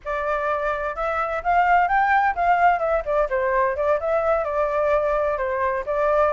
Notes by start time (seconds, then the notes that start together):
0.05 D5
0.95 E5
1.43 F5
1.87 G5
2.35 F5
2.79 E5
3.05 D5
3.29 C5
3.76 D5
4.00 E5
4.44 D5
5.37 C5
5.86 D5